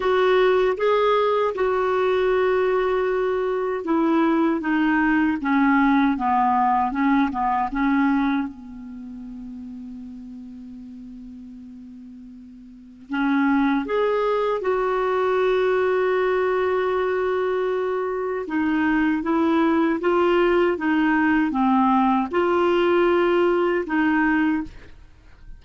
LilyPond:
\new Staff \with { instrumentName = "clarinet" } { \time 4/4 \tempo 4 = 78 fis'4 gis'4 fis'2~ | fis'4 e'4 dis'4 cis'4 | b4 cis'8 b8 cis'4 b4~ | b1~ |
b4 cis'4 gis'4 fis'4~ | fis'1 | dis'4 e'4 f'4 dis'4 | c'4 f'2 dis'4 | }